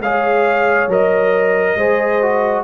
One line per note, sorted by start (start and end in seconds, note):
0.00 0.87 G#3
0.00 0.90 G#4
0.00 1.77 C#5
0.00 0.90 F5
0.87 1.76 F#3
0.87 1.78 A#4
0.87 2.64 D#5
1.76 2.64 G#3
1.76 2.22 G#4
1.76 2.64 C5
2.22 2.64 F#4